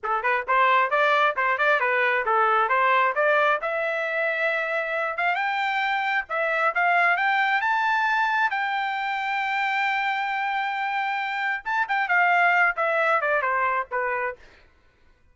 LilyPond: \new Staff \with { instrumentName = "trumpet" } { \time 4/4 \tempo 4 = 134 a'8 b'8 c''4 d''4 c''8 d''8 | b'4 a'4 c''4 d''4 | e''2.~ e''8 f''8 | g''2 e''4 f''4 |
g''4 a''2 g''4~ | g''1~ | g''2 a''8 g''8 f''4~ | f''8 e''4 d''8 c''4 b'4 | }